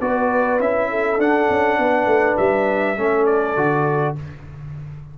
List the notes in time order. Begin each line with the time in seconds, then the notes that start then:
0.00 B3 F#4 B4 D5
0.59 C#4 E4 E5
0.89 A4
1.18 D4 F#5
1.50 C#4
1.78 B3 B4
2.06 A3
2.37 G3 E5
2.97 A3 C#4 A4
3.26 D5
3.56 D3 F#4